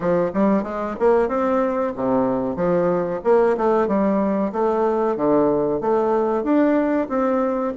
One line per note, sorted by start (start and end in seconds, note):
0.00 0.31 F3
0.33 0.63 G3
0.63 0.95 G#3
0.99 1.28 A#3
1.28 1.92 C4
1.95 2.55 C3
2.55 3.20 F3
3.24 3.56 A#3
3.57 3.87 A3
3.87 4.52 G3
4.52 5.16 A3
5.16 5.81 D3
5.81 6.43 A3
6.43 7.08 D4
7.08 7.73 C4